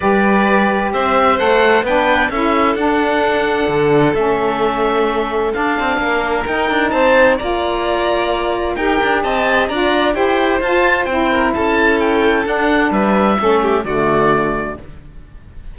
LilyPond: <<
  \new Staff \with { instrumentName = "oboe" } { \time 4/4 \tempo 4 = 130 d''2 e''4 fis''4 | g''4 e''4 fis''2~ | fis''4 e''2. | f''2 g''4 a''4 |
ais''2. g''4 | a''4 ais''4 g''4 a''4 | g''4 a''4 g''4 fis''4 | e''2 d''2 | }
  \new Staff \with { instrumentName = "violin" } { \time 4/4 b'2 c''2 | b'4 a'2.~ | a'1~ | a'4 ais'2 c''4 |
d''2. ais'4 | dis''4 d''4 c''2~ | c''8 ais'8 a'2. | b'4 a'8 g'8 fis'2 | }
  \new Staff \with { instrumentName = "saxophone" } { \time 4/4 g'2. a'4 | d'4 e'4 d'2~ | d'4 cis'2. | d'2 dis'2 |
f'2. g'4~ | g'4 f'4 g'4 f'4 | e'2. d'4~ | d'4 cis'4 a2 | }
  \new Staff \with { instrumentName = "cello" } { \time 4/4 g2 c'4 a4 | b4 cis'4 d'2 | d4 a2. | d'8 c'8 ais4 dis'8 d'8 c'4 |
ais2. dis'8 d'8 | c'4 d'4 e'4 f'4 | c'4 cis'2 d'4 | g4 a4 d2 | }
>>